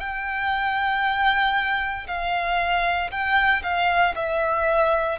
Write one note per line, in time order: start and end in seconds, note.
0.00 2.07 G5
2.07 3.11 F5
3.11 3.63 G5
3.63 4.15 F5
4.16 5.19 E5